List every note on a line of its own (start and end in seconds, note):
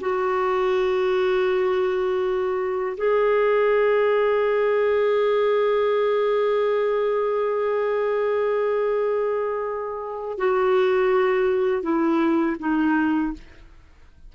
0.00 2.96 F#4
2.97 10.37 G#4
10.37 11.82 F#4
11.82 12.56 E4
12.59 13.33 D#4